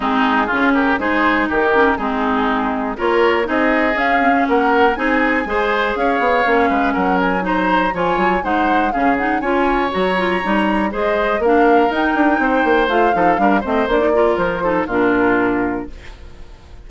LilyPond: <<
  \new Staff \with { instrumentName = "flute" } { \time 4/4 \tempo 4 = 121 gis'4. ais'8 c''4 ais'4 | gis'2 cis''4 dis''4 | f''4 fis''4 gis''2 | f''2 fis''8 gis''8 ais''4 |
gis''4 fis''4 f''8 fis''8 gis''4 | ais''2 dis''4 f''4 | g''2 f''4. dis''8 | d''4 c''4 ais'2 | }
  \new Staff \with { instrumentName = "oboe" } { \time 4/4 dis'4 f'8 g'8 gis'4 g'4 | dis'2 ais'4 gis'4~ | gis'4 ais'4 gis'4 c''4 | cis''4. b'8 ais'4 c''4 |
cis''4 c''4 gis'4 cis''4~ | cis''2 c''4 ais'4~ | ais'4 c''4. a'8 ais'8 c''8~ | c''8 ais'4 a'8 f'2 | }
  \new Staff \with { instrumentName = "clarinet" } { \time 4/4 c'4 cis'4 dis'4. cis'8 | c'2 f'4 dis'4 | cis'8 c'16 cis'4~ cis'16 dis'4 gis'4~ | gis'4 cis'2 dis'4 |
f'4 dis'4 cis'8 dis'8 f'4 | fis'8 f'8 dis'4 gis'4 d'4 | dis'2 f'8 dis'8 d'8 c'8 | d'16 dis'16 f'4 dis'8 d'2 | }
  \new Staff \with { instrumentName = "bassoon" } { \time 4/4 gis4 cis4 gis4 dis4 | gis2 ais4 c'4 | cis'4 ais4 c'4 gis4 | cis'8 b8 ais8 gis8 fis2 |
f8 fis8 gis4 cis4 cis'4 | fis4 g4 gis4 ais4 | dis'8 d'8 c'8 ais8 a8 f8 g8 a8 | ais4 f4 ais,2 | }
>>